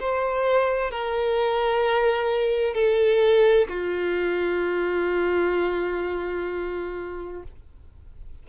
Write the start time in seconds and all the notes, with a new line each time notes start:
0.00 C5
0.91 A#4
2.74 A4
3.68 F4